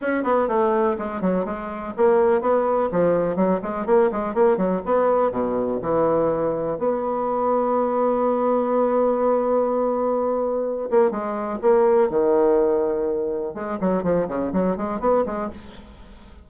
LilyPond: \new Staff \with { instrumentName = "bassoon" } { \time 4/4 \tempo 4 = 124 cis'8 b8 a4 gis8 fis8 gis4 | ais4 b4 f4 fis8 gis8 | ais8 gis8 ais8 fis8 b4 b,4 | e2 b2~ |
b1~ | b2~ b8 ais8 gis4 | ais4 dis2. | gis8 fis8 f8 cis8 fis8 gis8 b8 gis8 | }